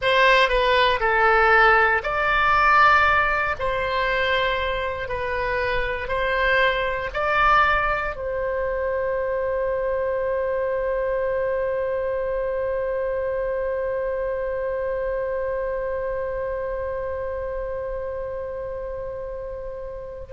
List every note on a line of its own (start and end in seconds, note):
0.01 0.49 C5
0.49 0.99 B4
1.00 2.02 A4
2.03 3.55 D5
3.59 5.08 C5
5.08 6.07 B4
6.07 7.09 C5
7.13 8.15 D5
8.15 20.32 C5